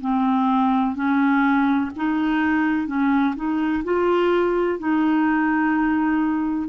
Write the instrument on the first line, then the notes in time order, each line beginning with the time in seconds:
clarinet
0.00 C4
0.95 C#4
1.96 D#4
2.87 C#4
3.35 D#4
3.84 F4
4.79 D#4